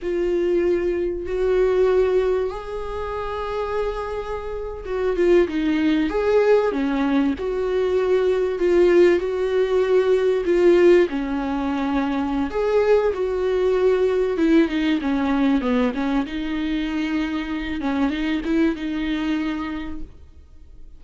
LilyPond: \new Staff \with { instrumentName = "viola" } { \time 4/4 \tempo 4 = 96 f'2 fis'2 | gis'2.~ gis'8. fis'16~ | fis'16 f'8 dis'4 gis'4 cis'4 fis'16~ | fis'4.~ fis'16 f'4 fis'4~ fis'16~ |
fis'8. f'4 cis'2~ cis'16 | gis'4 fis'2 e'8 dis'8 | cis'4 b8 cis'8 dis'2~ | dis'8 cis'8 dis'8 e'8 dis'2 | }